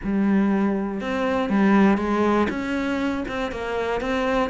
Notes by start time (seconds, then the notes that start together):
0.03 G3
1.00 C4
1.49 G3
1.97 G#3
2.49 C#4
3.27 C4
3.51 A#3
4.00 C4